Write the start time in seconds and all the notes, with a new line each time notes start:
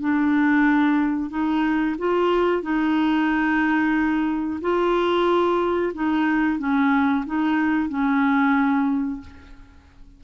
0.00 D4
1.30 D#4
1.98 F4
2.62 D#4
4.61 F4
5.94 D#4
6.58 C#4
7.26 D#4
7.89 C#4